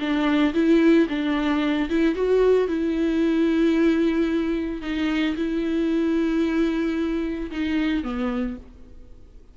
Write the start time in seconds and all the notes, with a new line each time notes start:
0.00 D4
0.54 E4
1.09 D4
1.89 E4
2.15 F#4
2.68 E4
4.82 D#4
5.36 E4
7.51 D#4
8.03 B3